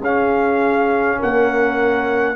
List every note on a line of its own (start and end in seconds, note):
0.00 1.18 C#4
0.00 2.36 C#4
0.00 1.18 G#4
0.00 1.22 F5
1.19 2.36 A#3
1.19 2.36 A#4
1.19 2.36 F#5